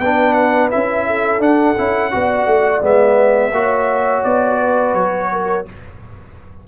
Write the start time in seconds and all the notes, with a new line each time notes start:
0.00 B3 D4 B4 G5
0.33 F#5
0.71 C#4 E4 E5
1.06 A4
1.39 D4 F#5
1.78 C#4 E4
2.11 B3 F#4 D5
2.46 A3
2.81 G#3 B3 E5
3.52 A#3 F#4 C#5
4.24 B3 D5
4.59 B4
4.94 F#3 C#5
5.32 A#4